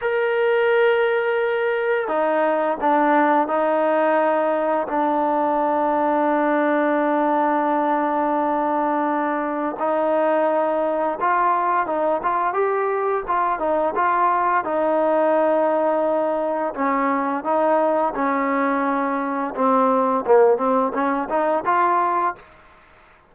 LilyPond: \new Staff \with { instrumentName = "trombone" } { \time 4/4 \tempo 4 = 86 ais'2. dis'4 | d'4 dis'2 d'4~ | d'1~ | d'2 dis'2 |
f'4 dis'8 f'8 g'4 f'8 dis'8 | f'4 dis'2. | cis'4 dis'4 cis'2 | c'4 ais8 c'8 cis'8 dis'8 f'4 | }